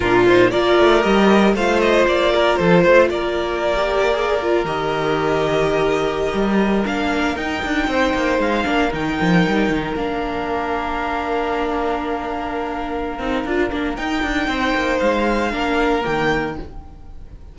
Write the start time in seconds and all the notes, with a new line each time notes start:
0.00 A#2 D4 F4 A#4
0.26 D#4 C5
0.50 A#3 F4 A#4 D5
0.79 A3
1.01 G3 G4 D#5
1.54 A3 F4 C5 F5
1.79 D#5
2.07 A#3 D5
2.34 A#4
2.56 F3 A4 C5
2.83 A3 C5
3.09 A#3 A#4 D5
3.75 G4
4.14 G#4
4.42 F4
4.64 D#3 G4 D#5
6.33 G3
6.84 A#3 D4 F5
7.36 D#4 G5
7.64 D4
7.87 C4 C5
8.14 A#3
8.38 G#3 F5
8.64 A#3 D4 A#4
8.91 D#3 D#4 G5
9.21 F3
9.47 G3
9.69 D#3
9.95 A#3 D4 F5
13.18 C4 D#4
13.44 D4 F4
13.70 A#3 D4
13.96 D#4 G5
14.23 D4
14.47 C4 C5
14.74 A#3
14.99 G#3 F5
15.51 A#3 D4 A#4
16.01 D#3 A#3 G5